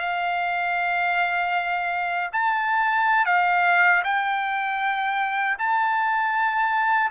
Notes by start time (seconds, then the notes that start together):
0.00 F5
2.33 A5
3.26 F5
4.04 G5
5.59 A5